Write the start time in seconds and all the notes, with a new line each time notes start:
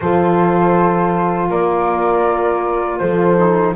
0.00 F3 F4 A4 C5
1.49 A#3 A#4 D5
2.98 F3 A4 C5
3.37 D#4